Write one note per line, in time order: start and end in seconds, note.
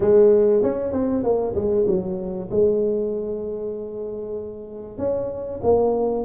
0.00 0.62 G#3
0.62 0.92 C#4
0.92 1.23 C4
1.23 1.54 A#3
1.55 1.86 G#3
1.87 2.49 F#3
2.51 4.98 G#3
4.98 5.60 C#4
5.63 6.24 A#3